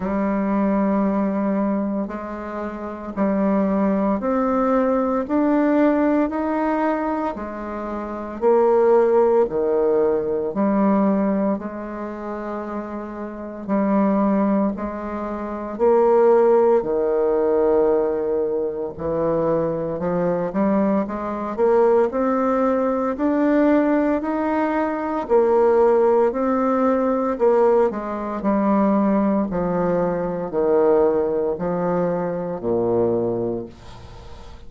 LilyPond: \new Staff \with { instrumentName = "bassoon" } { \time 4/4 \tempo 4 = 57 g2 gis4 g4 | c'4 d'4 dis'4 gis4 | ais4 dis4 g4 gis4~ | gis4 g4 gis4 ais4 |
dis2 e4 f8 g8 | gis8 ais8 c'4 d'4 dis'4 | ais4 c'4 ais8 gis8 g4 | f4 dis4 f4 ais,4 | }